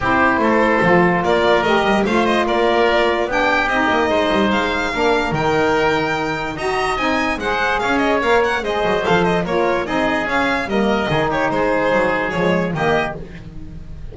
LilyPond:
<<
  \new Staff \with { instrumentName = "violin" } { \time 4/4 \tempo 4 = 146 c''2. d''4 | dis''4 f''8 dis''8 d''2 | g''4 dis''2 f''4~ | f''4 g''2. |
ais''4 gis''4 fis''4 f''8 dis''8 | f''8 fis''8 dis''4 f''8 dis''8 cis''4 | dis''4 f''4 dis''4. cis''8 | c''2 cis''4 dis''4 | }
  \new Staff \with { instrumentName = "oboe" } { \time 4/4 g'4 a'2 ais'4~ | ais'4 c''4 ais'2 | g'2 c''2 | ais'1 |
dis''2 c''4 cis''4~ | cis''4 c''2 ais'4 | gis'2 ais'4 gis'8 g'8 | gis'2. g'4 | }
  \new Staff \with { instrumentName = "saxophone" } { \time 4/4 e'2 f'2 | g'4 f'2. | d'4 dis'2. | d'4 dis'2. |
fis'4 dis'4 gis'2 | ais'4 gis'4 a'4 f'4 | dis'4 cis'4 ais4 dis'4~ | dis'2 gis4 ais4 | }
  \new Staff \with { instrumentName = "double bass" } { \time 4/4 c'4 a4 f4 ais4 | a8 g8 a4 ais2 | b4 c'8 ais8 gis8 g8 gis4 | ais4 dis2. |
dis'4 c'4 gis4 cis'4 | ais4 gis8 fis8 f4 ais4 | c'4 cis'4 g4 dis4 | gis4 fis4 f4 dis4 | }
>>